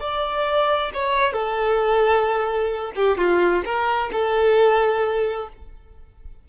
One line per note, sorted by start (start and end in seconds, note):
0.00 0.91 D5
0.94 1.33 C#5
1.33 2.92 A4
2.95 3.18 G4
3.18 3.63 F4
3.65 4.11 A#4
4.12 5.48 A4